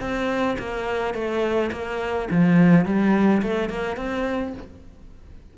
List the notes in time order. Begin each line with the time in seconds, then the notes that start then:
0.00 C4
0.58 A#3
1.14 A3
1.71 A#3
2.30 F3
2.85 G3
3.42 A3
3.69 A#3
3.96 C4